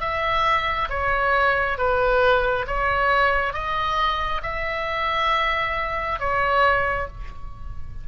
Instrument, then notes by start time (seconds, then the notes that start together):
oboe
0.00 E5
0.89 C#5
1.77 B4
2.67 C#5
3.53 D#5
4.42 E5
6.19 C#5